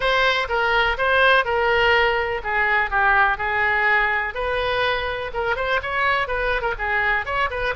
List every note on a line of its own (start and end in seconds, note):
0.00 0.47 C5
0.48 0.97 A#4
0.97 1.44 C5
1.44 2.41 A#4
2.43 2.90 G#4
2.90 3.37 G4
3.37 4.34 G#4
4.34 5.31 B4
5.33 5.56 A#4
5.56 5.80 C5
5.82 6.27 C#5
6.27 6.61 B4
6.61 6.73 A#4
6.78 7.25 G#4
7.25 7.49 C#5
7.50 7.74 B4